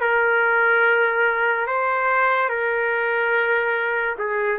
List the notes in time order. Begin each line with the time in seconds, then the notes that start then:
0.00 A#4
1.66 C5
2.49 A#4
4.18 G#4